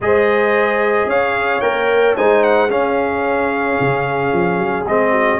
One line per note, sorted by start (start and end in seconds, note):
0.00 1.05 G#3
0.00 1.61 G#4
0.00 1.09 C5
0.00 1.09 D#5
1.05 1.59 C#4
1.05 2.16 C#5
1.05 1.61 F5
1.61 2.16 A#3
1.61 2.16 A#4
1.61 2.15 G5
2.16 2.70 G#3
2.16 2.69 D#4
2.16 2.69 C5
2.16 2.43 G#5
2.43 2.70 F#5
2.69 4.85 C#4
2.69 3.78 C#4
2.69 5.11 G#4
2.69 4.87 F5
3.80 4.32 C#3
4.32 4.57 F3
4.57 4.84 F#3
4.86 5.40 G#3
4.86 5.40 C4
4.86 5.40 D#5
5.11 5.38 F#4